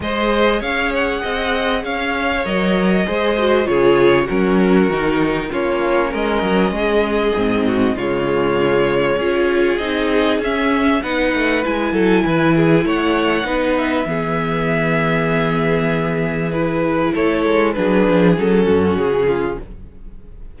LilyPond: <<
  \new Staff \with { instrumentName = "violin" } { \time 4/4 \tempo 4 = 98 dis''4 f''8 fis''4. f''4 | dis''2 cis''4 ais'4~ | ais'4 cis''4 dis''2~ | dis''4 cis''2. |
dis''4 e''4 fis''4 gis''4~ | gis''4 fis''4. e''4.~ | e''2. b'4 | cis''4 b'4 a'4 gis'4 | }
  \new Staff \with { instrumentName = "violin" } { \time 4/4 c''4 cis''4 dis''4 cis''4~ | cis''4 c''4 gis'4 fis'4~ | fis'4 f'4 ais'4 gis'4~ | gis'8 fis'8 f'2 gis'4~ |
gis'2 b'4. a'8 | b'8 gis'8 cis''4 b'4 gis'4~ | gis'1 | a'4 gis'4. fis'4 f'8 | }
  \new Staff \with { instrumentName = "viola" } { \time 4/4 gis'1 | ais'4 gis'8 fis'8 f'4 cis'4 | dis'4 cis'2. | c'4 gis2 f'4 |
dis'4 cis'4 dis'4 e'4~ | e'2 dis'4 b4~ | b2. e'4~ | e'4 d'4 cis'2 | }
  \new Staff \with { instrumentName = "cello" } { \time 4/4 gis4 cis'4 c'4 cis'4 | fis4 gis4 cis4 fis4 | dis4 ais4 gis8 fis8 gis4 | gis,4 cis2 cis'4 |
c'4 cis'4 b8 a8 gis8 fis8 | e4 a4 b4 e4~ | e1 | a8 gis8 fis8 f8 fis8 fis,8 cis4 | }
>>